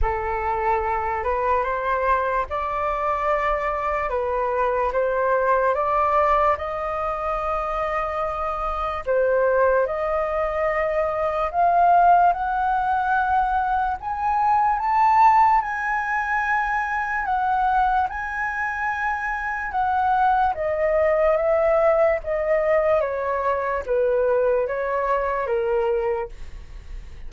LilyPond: \new Staff \with { instrumentName = "flute" } { \time 4/4 \tempo 4 = 73 a'4. b'8 c''4 d''4~ | d''4 b'4 c''4 d''4 | dis''2. c''4 | dis''2 f''4 fis''4~ |
fis''4 gis''4 a''4 gis''4~ | gis''4 fis''4 gis''2 | fis''4 dis''4 e''4 dis''4 | cis''4 b'4 cis''4 ais'4 | }